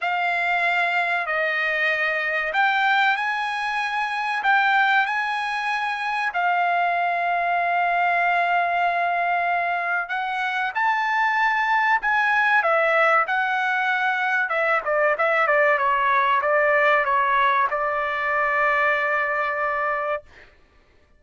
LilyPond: \new Staff \with { instrumentName = "trumpet" } { \time 4/4 \tempo 4 = 95 f''2 dis''2 | g''4 gis''2 g''4 | gis''2 f''2~ | f''1 |
fis''4 a''2 gis''4 | e''4 fis''2 e''8 d''8 | e''8 d''8 cis''4 d''4 cis''4 | d''1 | }